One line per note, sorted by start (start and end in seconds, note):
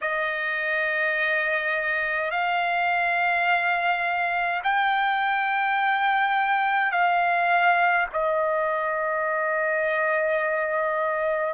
0.01 2.30 D#5
2.30 4.61 F5
4.63 6.91 G5
6.91 8.07 F5
8.12 11.53 D#5